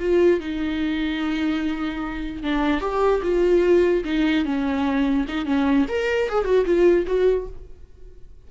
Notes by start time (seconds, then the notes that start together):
0.00 F4
0.40 D#4
2.43 D4
2.81 G4
3.23 F4
4.05 D#4
4.45 C#4
5.28 D#4
5.45 C#4
5.89 A#4
6.29 G#4
6.45 F#4
6.65 F4
7.07 F#4